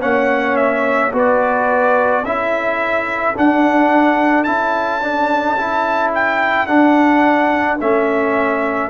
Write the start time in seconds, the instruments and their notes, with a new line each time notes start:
0.00 tuba A#3, trombone C#4, horn C#5, trumpet F#5
0.56 trumpet E5
1.12 tuba B3, trombone F#4, horn B4, trumpet D5
2.23 tuba C#4, trombone E4, horn A4, trumpet E5
3.35 trombone D4, tuba D4, trumpet F#5
4.44 tuba C#4, trombone E4, trumpet A5
5.01 trombone D4
5.57 trombone E4
6.14 trumpet G5
6.66 trombone D4, tuba D4, trumpet F#5
7.80 tuba A3, trombone C#4, trumpet E5